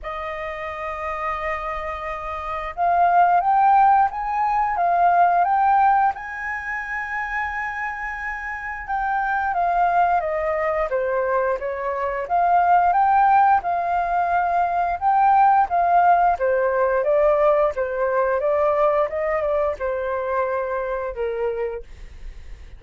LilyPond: \new Staff \with { instrumentName = "flute" } { \time 4/4 \tempo 4 = 88 dis''1 | f''4 g''4 gis''4 f''4 | g''4 gis''2.~ | gis''4 g''4 f''4 dis''4 |
c''4 cis''4 f''4 g''4 | f''2 g''4 f''4 | c''4 d''4 c''4 d''4 | dis''8 d''8 c''2 ais'4 | }